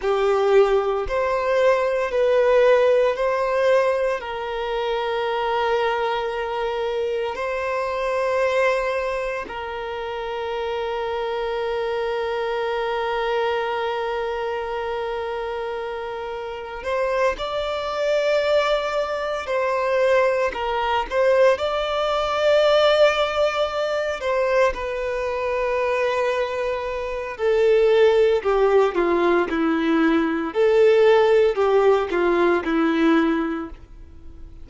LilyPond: \new Staff \with { instrumentName = "violin" } { \time 4/4 \tempo 4 = 57 g'4 c''4 b'4 c''4 | ais'2. c''4~ | c''4 ais'2.~ | ais'1 |
c''8 d''2 c''4 ais'8 | c''8 d''2~ d''8 c''8 b'8~ | b'2 a'4 g'8 f'8 | e'4 a'4 g'8 f'8 e'4 | }